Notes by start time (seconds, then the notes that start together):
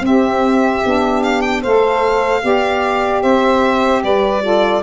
0.00 C4 G4 E5
0.85 B3 D4
1.23 F5
1.41 G5
1.61 A3 A4 C5 F5
2.42 B3 G4 D5
3.22 C4 C5 E5
4.03 G3 B4 D5
4.42 F4 A4